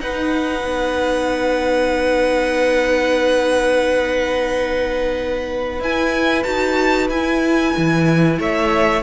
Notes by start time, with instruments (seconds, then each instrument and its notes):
0.00 cello D#4, viola D#4, violin B4 F#5
0.64 cello B3
5.79 cello E4, viola E4, violin G#5
6.43 cello D#4, viola F#4, violin A5
7.08 cello E4, viola E4, violin G#5
7.77 cello E3
8.38 cello A3, violin C#5 E5